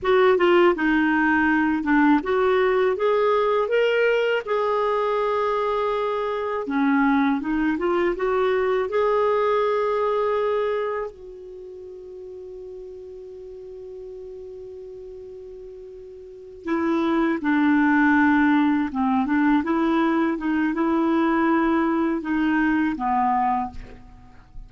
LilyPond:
\new Staff \with { instrumentName = "clarinet" } { \time 4/4 \tempo 4 = 81 fis'8 f'8 dis'4. d'8 fis'4 | gis'4 ais'4 gis'2~ | gis'4 cis'4 dis'8 f'8 fis'4 | gis'2. fis'4~ |
fis'1~ | fis'2~ fis'8 e'4 d'8~ | d'4. c'8 d'8 e'4 dis'8 | e'2 dis'4 b4 | }